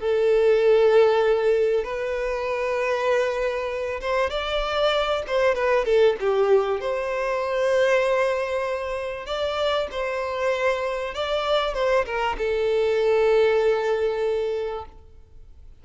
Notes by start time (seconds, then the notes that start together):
0.00 A4
1.84 B4
4.01 C5
4.30 D5
5.27 C5
5.55 B4
5.85 A4
6.20 G4
6.80 C5
9.26 D5
9.91 C5
11.14 D5
11.74 C5
12.05 A#4
12.38 A4